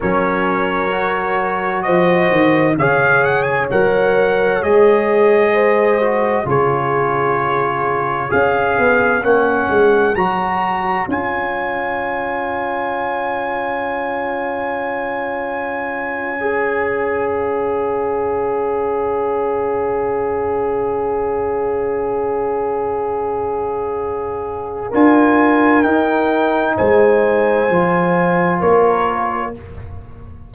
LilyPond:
<<
  \new Staff \with { instrumentName = "trumpet" } { \time 4/4 \tempo 4 = 65 cis''2 dis''4 f''8 fis''16 gis''16 | fis''4 dis''2 cis''4~ | cis''4 f''4 fis''4 ais''4 | gis''1~ |
gis''2~ gis''8. f''4~ f''16~ | f''1~ | f''2. gis''4 | g''4 gis''2 cis''4 | }
  \new Staff \with { instrumentName = "horn" } { \time 4/4 ais'2 c''4 cis''4~ | cis''2 c''4 gis'4~ | gis'4 cis''2.~ | cis''1~ |
cis''1~ | cis''1~ | cis''2. ais'4~ | ais'4 c''2 ais'4 | }
  \new Staff \with { instrumentName = "trombone" } { \time 4/4 cis'4 fis'2 gis'4 | ais'4 gis'4. fis'8 f'4~ | f'4 gis'4 cis'4 fis'4 | f'1~ |
f'4.~ f'16 gis'2~ gis'16~ | gis'1~ | gis'2. f'4 | dis'2 f'2 | }
  \new Staff \with { instrumentName = "tuba" } { \time 4/4 fis2 f8 dis8 cis4 | fis4 gis2 cis4~ | cis4 cis'8 b8 ais8 gis8 fis4 | cis'1~ |
cis'1~ | cis'1~ | cis'2. d'4 | dis'4 gis4 f4 ais4 | }
>>